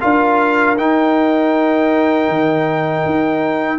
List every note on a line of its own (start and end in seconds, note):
0.00 0.77 D4
0.00 0.76 F4
0.00 3.79 A#4
0.00 0.77 F5
0.76 3.79 D#4
0.76 2.29 D#4
0.76 3.79 G5
2.29 3.05 D#3
3.05 3.79 D#4